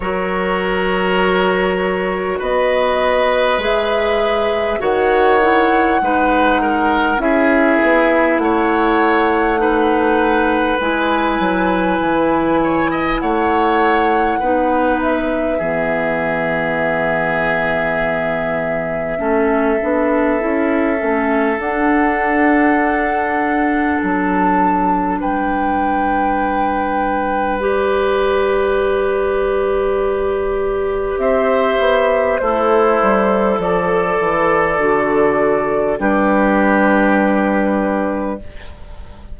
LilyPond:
<<
  \new Staff \with { instrumentName = "flute" } { \time 4/4 \tempo 4 = 50 cis''2 dis''4 e''4 | fis''2 e''4 fis''4~ | fis''4 gis''2 fis''4~ | fis''8 e''2.~ e''8~ |
e''2 fis''2 | a''4 g''2 d''4~ | d''2 e''4 c''4 | d''2 b'2 | }
  \new Staff \with { instrumentName = "oboe" } { \time 4/4 ais'2 b'2 | cis''4 b'8 ais'8 gis'4 cis''4 | b'2~ b'8 cis''16 dis''16 cis''4 | b'4 gis'2. |
a'1~ | a'4 b'2.~ | b'2 c''4 e'4 | a'2 g'2 | }
  \new Staff \with { instrumentName = "clarinet" } { \time 4/4 fis'2. gis'4 | fis'8 e'8 dis'4 e'2 | dis'4 e'2. | dis'4 b2. |
cis'8 d'8 e'8 cis'8 d'2~ | d'2. g'4~ | g'2. a'4~ | a'4 fis'4 d'2 | }
  \new Staff \with { instrumentName = "bassoon" } { \time 4/4 fis2 b4 gis4 | dis4 gis4 cis'8 b8 a4~ | a4 gis8 fis8 e4 a4 | b4 e2. |
a8 b8 cis'8 a8 d'2 | fis4 g2.~ | g2 c'8 b8 a8 g8 | f8 e8 d4 g2 | }
>>